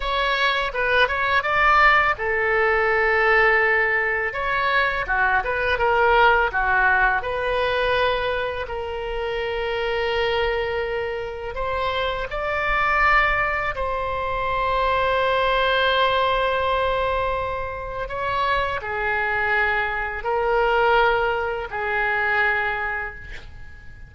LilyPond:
\new Staff \with { instrumentName = "oboe" } { \time 4/4 \tempo 4 = 83 cis''4 b'8 cis''8 d''4 a'4~ | a'2 cis''4 fis'8 b'8 | ais'4 fis'4 b'2 | ais'1 |
c''4 d''2 c''4~ | c''1~ | c''4 cis''4 gis'2 | ais'2 gis'2 | }